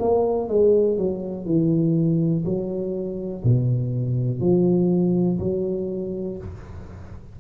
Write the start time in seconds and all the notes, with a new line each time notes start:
0.00 A#3
0.49 G#3
0.98 F#3
1.46 E3
2.45 F#3
3.44 B2
4.40 F3
5.40 F#3